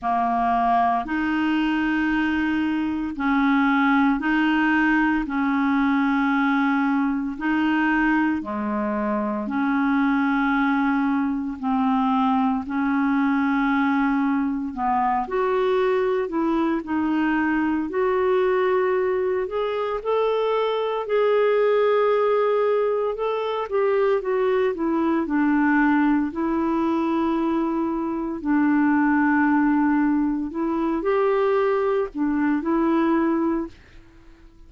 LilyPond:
\new Staff \with { instrumentName = "clarinet" } { \time 4/4 \tempo 4 = 57 ais4 dis'2 cis'4 | dis'4 cis'2 dis'4 | gis4 cis'2 c'4 | cis'2 b8 fis'4 e'8 |
dis'4 fis'4. gis'8 a'4 | gis'2 a'8 g'8 fis'8 e'8 | d'4 e'2 d'4~ | d'4 e'8 g'4 d'8 e'4 | }